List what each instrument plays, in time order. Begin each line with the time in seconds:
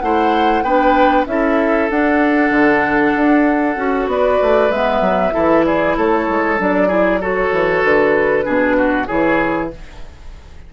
0.00 bassoon A3, clarinet E4, oboe C5, flute F#5
0.62 bassoon B3, clarinet D4, oboe B4, flute G5
1.27 bassoon C#4, clarinet E4, oboe A4, flute E5
1.90 bassoon D4, clarinet D4, flute F#5
2.50 bassoon D3
3.16 bassoon D4
3.76 bassoon C#4, clarinet F#4
4.07 bassoon B3, oboe B4, flute D5
4.42 bassoon A3
4.70 bassoon G#3, clarinet B3, flute E5
5.01 bassoon F#3
5.31 bassoon E3, clarinet E4, oboe A4
5.65 oboe G#4, flute D5
5.96 bassoon A3, oboe A4, flute C#5
6.29 bassoon G#3
6.58 bassoon F#3, clarinet D4, flute D5
6.88 clarinet E4, oboe G#4
7.21 clarinet F#4, oboe A4, flute C#5
7.52 bassoon E3
7.83 bassoon D3, flute B4
8.43 bassoon B2, clarinet D4, oboe G#4
8.77 oboe F#4
9.07 bassoon E3, clarinet E4, oboe G#4, flute C#5